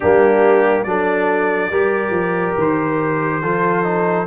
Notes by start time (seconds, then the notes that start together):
0.00 G3 A#3 D4 G4
0.83 F#3 D4 A4 D5
1.70 G3 G4 A#4
2.10 F3
2.57 D#3 C5
3.42 F3 F4 A4
3.83 D#4